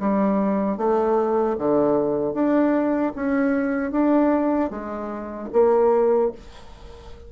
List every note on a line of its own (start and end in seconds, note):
0.00 0.77 G3
0.77 1.56 A3
1.58 2.34 D3
2.34 3.13 D4
3.15 3.92 C#4
3.92 4.70 D4
4.70 5.49 G#3
5.53 6.32 A#3